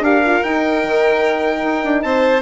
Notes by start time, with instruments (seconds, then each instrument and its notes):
0.00 bassoon D4, horn G4, violin A#4, trumpet F5
0.26 horn F4
0.44 bassoon D#4, horn D#4, trumpet G5
0.84 bassoon D#3
1.64 bassoon D#4
1.84 bassoon D4
2.03 bassoon C4, violin C5, trumpet A5